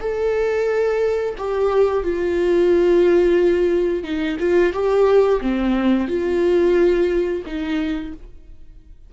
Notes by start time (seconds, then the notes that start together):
0.00 A4
1.38 G4
2.03 F4
4.03 D#4
4.39 F4
4.73 G4
5.41 C4
6.08 F4
7.46 D#4